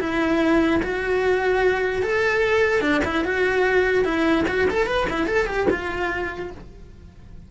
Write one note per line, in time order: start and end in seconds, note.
0.00 0.81 E4
0.83 2.03 F#4
2.03 2.81 A4
2.81 3.01 D4
3.05 3.25 E4
3.25 4.04 F#4
4.04 4.45 E4
4.48 4.68 F#4
4.70 4.86 A4
4.86 5.07 B4
5.10 5.27 E4
5.27 5.47 A4
5.47 5.67 G4
5.70 6.51 F4